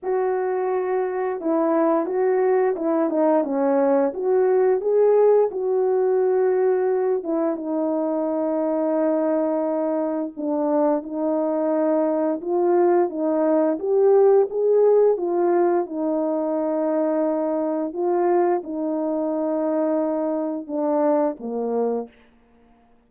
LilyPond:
\new Staff \with { instrumentName = "horn" } { \time 4/4 \tempo 4 = 87 fis'2 e'4 fis'4 | e'8 dis'8 cis'4 fis'4 gis'4 | fis'2~ fis'8 e'8 dis'4~ | dis'2. d'4 |
dis'2 f'4 dis'4 | g'4 gis'4 f'4 dis'4~ | dis'2 f'4 dis'4~ | dis'2 d'4 ais4 | }